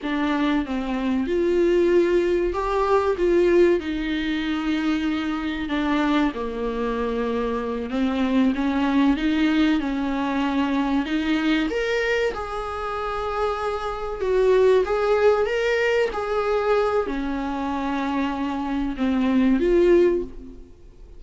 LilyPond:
\new Staff \with { instrumentName = "viola" } { \time 4/4 \tempo 4 = 95 d'4 c'4 f'2 | g'4 f'4 dis'2~ | dis'4 d'4 ais2~ | ais8 c'4 cis'4 dis'4 cis'8~ |
cis'4. dis'4 ais'4 gis'8~ | gis'2~ gis'8 fis'4 gis'8~ | gis'8 ais'4 gis'4. cis'4~ | cis'2 c'4 f'4 | }